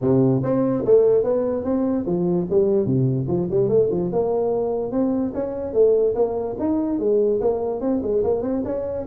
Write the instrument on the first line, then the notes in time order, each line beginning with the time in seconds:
tuba
0.01 C3
0.43 C4
0.85 A3
1.23 B3
1.64 C4
2.06 F3
2.50 G3
2.85 C3
3.27 F3
3.50 G3
3.68 A3
3.90 F3
4.12 A#3
4.91 C4
5.34 C#4
5.73 A3
6.15 A#3
6.59 D#4
6.99 G#3
7.40 A#3
7.80 C4
8.02 G#3
8.23 A#3
8.42 C4
8.65 C#4